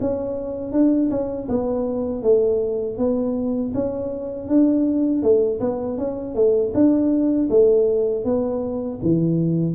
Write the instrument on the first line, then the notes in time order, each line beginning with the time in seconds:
tuba
0.00 C#4
0.72 D4
1.10 C#4
1.48 B3
2.22 A3
2.97 B3
3.74 C#4
4.48 D4
5.22 A3
5.60 B3
5.98 C#4
6.34 A3
6.74 D4
7.49 A3
8.24 B3
9.02 E3